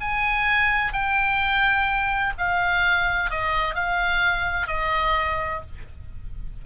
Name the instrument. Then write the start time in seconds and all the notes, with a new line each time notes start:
oboe
0.00 G#5
0.92 G5
2.38 F5
3.30 D#5
3.75 F5
4.67 D#5